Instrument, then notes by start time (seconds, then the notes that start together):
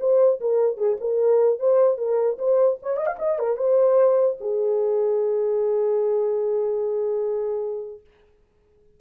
horn
0.00 C5
0.40 A#4
0.77 G#4
1.00 A#4
1.59 C5
1.97 A#4
2.39 C5
2.82 C#5
2.97 D#5
3.06 F5
3.19 D#5
3.39 A#4
3.57 C5
4.40 G#4